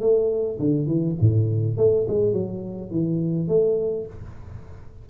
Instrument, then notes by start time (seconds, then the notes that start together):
tuba
0.00 A3
0.59 D3
0.86 E3
1.20 A2
1.77 A3
2.08 G#3
2.32 F#3
2.90 E3
3.48 A3